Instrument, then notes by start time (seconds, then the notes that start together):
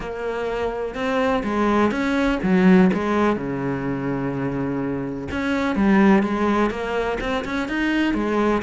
cello
0.00 A#3
0.94 C4
1.43 G#3
1.91 C#4
2.43 F#3
2.93 G#3
3.36 C#3
5.31 C#4
5.75 G3
6.22 G#3
6.70 A#3
7.20 C4
7.44 C#4
7.68 D#4
8.14 G#3